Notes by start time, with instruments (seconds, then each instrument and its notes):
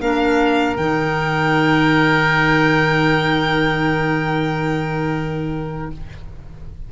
0.00 tuba A#3, clarinet D4, oboe A#4, violin F5
0.76 tuba D#3, clarinet D#4, violin G5